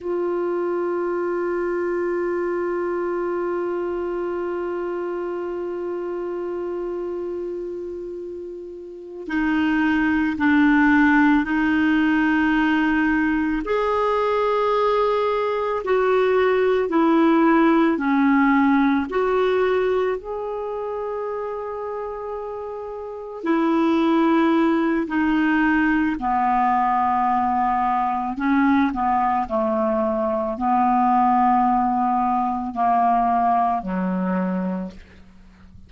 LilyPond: \new Staff \with { instrumentName = "clarinet" } { \time 4/4 \tempo 4 = 55 f'1~ | f'1~ | f'8 dis'4 d'4 dis'4.~ | dis'8 gis'2 fis'4 e'8~ |
e'8 cis'4 fis'4 gis'4.~ | gis'4. e'4. dis'4 | b2 cis'8 b8 a4 | b2 ais4 fis4 | }